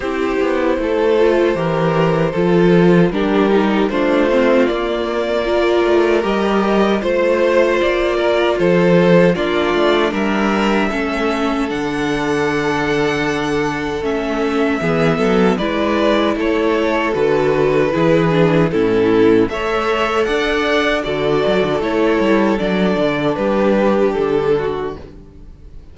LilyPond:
<<
  \new Staff \with { instrumentName = "violin" } { \time 4/4 \tempo 4 = 77 c''1 | ais'4 c''4 d''2 | dis''4 c''4 d''4 c''4 | d''4 e''2 fis''4~ |
fis''2 e''2 | d''4 cis''4 b'2 | a'4 e''4 fis''4 d''4 | cis''4 d''4 b'4 a'4 | }
  \new Staff \with { instrumentName = "violin" } { \time 4/4 g'4 a'4 ais'4 a'4 | g'4 f'2 ais'4~ | ais'4 c''4. ais'8 a'4 | f'4 ais'4 a'2~ |
a'2. gis'8 a'8 | b'4 a'2 gis'4 | e'4 cis''4 d''4 a'4~ | a'2 g'4. fis'8 | }
  \new Staff \with { instrumentName = "viola" } { \time 4/4 e'4. f'8 g'4 f'4 | d'8 dis'8 d'8 c'8 ais4 f'4 | g'4 f'2. | d'2 cis'4 d'4~ |
d'2 cis'4 b4 | e'2 fis'4 e'8 d'8 | cis'4 a'2 fis'4 | e'4 d'2. | }
  \new Staff \with { instrumentName = "cello" } { \time 4/4 c'8 b8 a4 e4 f4 | g4 a4 ais4. a8 | g4 a4 ais4 f4 | ais8 a8 g4 a4 d4~ |
d2 a4 e8 fis8 | gis4 a4 d4 e4 | a,4 a4 d'4 d8 fis16 d16 | a8 g8 fis8 d8 g4 d4 | }
>>